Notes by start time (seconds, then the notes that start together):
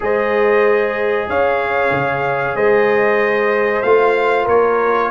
0.00 G#3 G#4 C5 D#5
1.28 C#4 C#5 F5
1.91 C#3
2.55 G#3 C5 D#5
3.82 A3 F4 F5
4.44 A#3 A#4 C#5